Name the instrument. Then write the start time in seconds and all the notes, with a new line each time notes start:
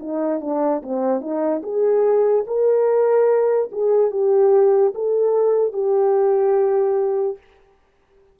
horn
0.00 D#4
0.41 D4
0.83 C4
1.21 D#4
1.63 G#4
2.47 A#4
3.72 G#4
4.11 G4
4.95 A4
5.73 G4